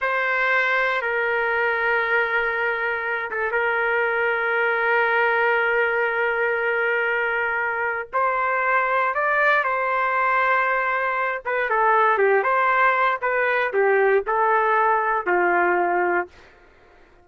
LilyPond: \new Staff \with { instrumentName = "trumpet" } { \time 4/4 \tempo 4 = 118 c''2 ais'2~ | ais'2~ ais'8 a'8 ais'4~ | ais'1~ | ais'1 |
c''2 d''4 c''4~ | c''2~ c''8 b'8 a'4 | g'8 c''4. b'4 g'4 | a'2 f'2 | }